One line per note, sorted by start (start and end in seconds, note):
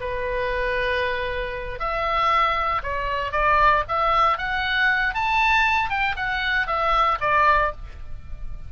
0.00 1.79 B4
1.79 2.82 E5
2.83 3.32 C#5
3.32 3.83 D5
3.88 4.38 E5
4.38 5.14 F#5
5.14 5.90 A5
5.90 6.15 G5
6.16 6.67 F#5
6.67 7.18 E5
7.20 7.72 D5